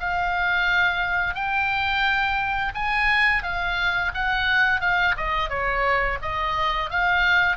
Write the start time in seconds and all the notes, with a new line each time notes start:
0.00 F5
1.34 G5
2.75 G#5
3.43 F5
4.14 F#5
4.81 F5
5.17 D#5
5.49 C#5
6.22 D#5
6.90 F5